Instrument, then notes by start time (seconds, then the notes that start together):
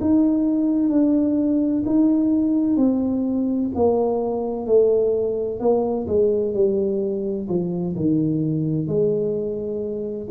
tuba
0.00 D#4
0.89 D4
1.85 D#4
2.77 C4
3.75 A#3
4.66 A3
5.60 A#3
6.07 G#3
6.54 G3
7.48 F3
7.95 D#3
8.87 G#3